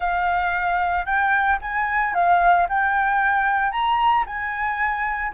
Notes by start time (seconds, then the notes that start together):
0.00 F5
1.05 G5
1.61 G#5
2.14 F5
2.68 G5
3.71 A#5
4.26 G#5